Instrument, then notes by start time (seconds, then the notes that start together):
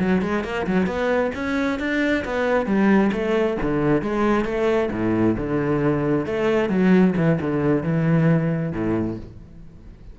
cello
0.00 F#3
0.22 G#3
0.44 A#3
0.67 F#3
0.87 B3
1.35 C#4
1.80 D4
2.25 B3
2.66 G3
3.13 A3
3.62 D3
4.02 G#3
4.45 A3
4.92 A2
5.37 D3
6.26 A3
6.69 F#3
7.17 E3
7.41 D3
7.83 E3
8.73 A2